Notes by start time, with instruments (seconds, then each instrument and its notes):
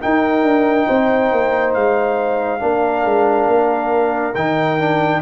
0.00 trombone D#4, tuba D#4, horn A#4, trumpet G5
0.43 tuba D4
0.87 tuba C4, horn C5
1.32 tuba A#3
1.74 tuba G#3, trumpet F5
2.60 tuba A#3, trombone D4, horn A#4
3.05 tuba G#3
3.47 tuba A#3
4.35 tuba D#3, trombone D#4, trumpet G5
4.79 trombone D4